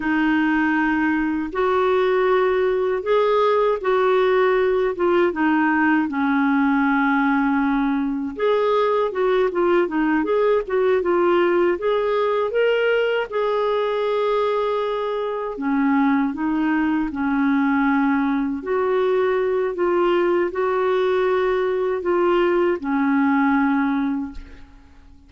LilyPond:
\new Staff \with { instrumentName = "clarinet" } { \time 4/4 \tempo 4 = 79 dis'2 fis'2 | gis'4 fis'4. f'8 dis'4 | cis'2. gis'4 | fis'8 f'8 dis'8 gis'8 fis'8 f'4 gis'8~ |
gis'8 ais'4 gis'2~ gis'8~ | gis'8 cis'4 dis'4 cis'4.~ | cis'8 fis'4. f'4 fis'4~ | fis'4 f'4 cis'2 | }